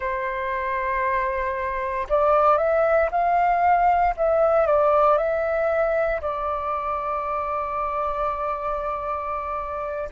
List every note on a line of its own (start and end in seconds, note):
0.00 2.07 C5
2.09 2.57 D5
2.57 3.09 E5
3.11 4.14 F5
4.17 4.66 E5
4.66 5.17 D5
5.17 6.21 E5
6.21 10.09 D5